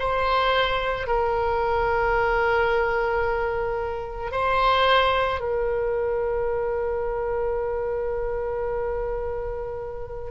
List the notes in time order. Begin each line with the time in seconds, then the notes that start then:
0.00 C5
1.08 A#4
4.32 C5
5.40 A#4